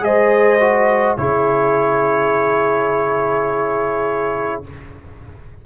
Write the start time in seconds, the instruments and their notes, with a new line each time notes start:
0.00 tuba G#3, trombone G#4, horn C5, trumpet D#5
0.60 trombone F#4
1.18 tuba C#3, trombone E4, horn G#4, trumpet C#5